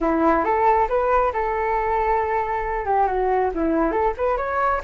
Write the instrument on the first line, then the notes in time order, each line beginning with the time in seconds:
flute
0.00 E4
0.44 A4
0.88 B4
1.33 A4
2.85 G4
3.06 F#4
3.54 E4
3.91 A4
4.17 B4
4.37 C#5